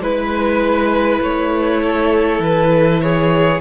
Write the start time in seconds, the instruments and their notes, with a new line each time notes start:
0.00 cello G#3, viola E4, violin B4
1.21 cello A3, violin C#5
1.82 violin A4
2.39 cello E3, violin B4
3.01 violin G#4 C#5